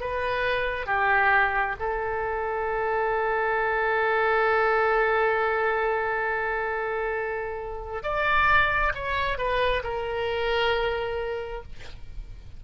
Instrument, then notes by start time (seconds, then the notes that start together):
oboe
0.00 B4
0.86 G4
1.80 A4
8.03 D5
8.94 C#5
9.38 B4
9.83 A#4